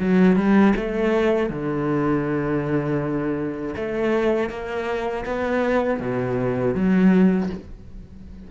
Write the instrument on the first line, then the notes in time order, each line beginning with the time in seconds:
cello
0.00 F#3
0.36 G3
0.76 A3
1.50 D3
3.76 A3
4.50 A#3
5.26 B3
6.00 B2
6.75 F#3